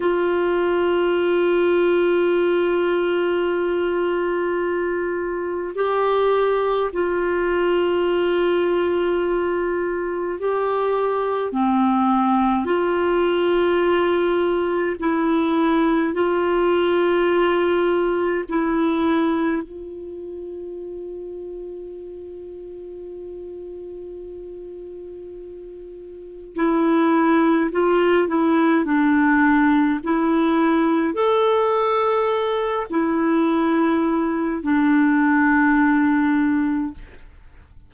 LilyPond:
\new Staff \with { instrumentName = "clarinet" } { \time 4/4 \tempo 4 = 52 f'1~ | f'4 g'4 f'2~ | f'4 g'4 c'4 f'4~ | f'4 e'4 f'2 |
e'4 f'2.~ | f'2. e'4 | f'8 e'8 d'4 e'4 a'4~ | a'8 e'4. d'2 | }